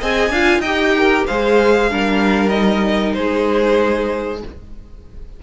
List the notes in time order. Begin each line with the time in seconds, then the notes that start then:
0.00 C4 G#4 D#5 G#5
0.29 D4 F4 F5
0.59 D#4 D#5 G5
0.66 G4
0.97 A#4
1.27 G#3 G#4 C5 F5
1.90 G3 D4 A#4
2.49 D#4 D#5
3.14 G#3 G#4 C5